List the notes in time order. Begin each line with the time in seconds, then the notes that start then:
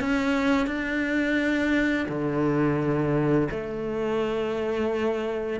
0.00 C#4
0.67 D4
2.09 D3
3.51 A3